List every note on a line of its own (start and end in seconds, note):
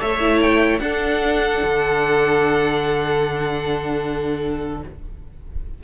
0.00 0.79 A3
0.00 0.20 A4
0.00 0.81 C#5
0.00 0.41 E5
0.20 0.80 E4
0.41 0.79 G5
0.79 1.59 D4
0.79 4.82 D4
0.79 4.83 A4
0.79 4.79 F#5
1.63 4.83 D3